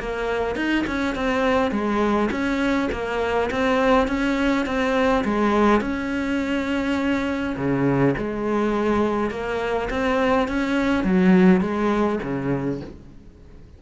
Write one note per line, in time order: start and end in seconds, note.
0.00 0.56 A#3
0.56 0.85 D#4
0.87 1.16 C#4
1.16 1.72 C4
1.72 2.30 G#3
2.31 2.90 C#4
2.92 3.50 A#3
3.51 4.08 C4
4.08 4.66 C#4
4.66 5.25 C4
5.25 5.81 G#3
5.81 7.56 C#4
7.57 8.15 C#3
8.18 9.31 G#3
9.31 9.89 A#3
9.91 10.48 C4
10.48 11.04 C#4
11.04 11.61 F#3
11.61 12.20 G#3
12.23 12.81 C#3